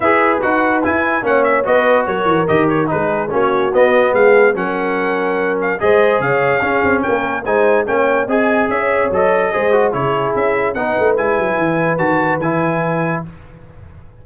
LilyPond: <<
  \new Staff \with { instrumentName = "trumpet" } { \time 4/4 \tempo 4 = 145 e''4 fis''4 gis''4 fis''8 e''8 | dis''4 cis''4 dis''8 cis''8 b'4 | cis''4 dis''4 f''4 fis''4~ | fis''4. f''8 dis''4 f''4~ |
f''4 g''4 gis''4 g''4 | gis''4 e''4 dis''2 | cis''4 e''4 fis''4 gis''4~ | gis''4 a''4 gis''2 | }
  \new Staff \with { instrumentName = "horn" } { \time 4/4 b'2. cis''4 | b'4 ais'2 gis'4 | fis'2 gis'4 ais'4~ | ais'2 c''4 cis''4 |
gis'4 ais'4 c''4 cis''4 | dis''4 cis''2 c''4 | gis'2 b'2~ | b'1 | }
  \new Staff \with { instrumentName = "trombone" } { \time 4/4 gis'4 fis'4 e'4 cis'4 | fis'2 g'4 dis'4 | cis'4 b2 cis'4~ | cis'2 gis'2 |
cis'2 dis'4 cis'4 | gis'2 a'4 gis'8 fis'8 | e'2 dis'4 e'4~ | e'4 fis'4 e'2 | }
  \new Staff \with { instrumentName = "tuba" } { \time 4/4 e'4 dis'4 e'4 ais4 | b4 fis8 e8 dis4 gis4 | ais4 b4 gis4 fis4~ | fis2 gis4 cis4 |
cis'8 c'8 ais4 gis4 ais4 | c'4 cis'4 fis4 gis4 | cis4 cis'4 b8 a8 gis8 fis8 | e4 dis4 e2 | }
>>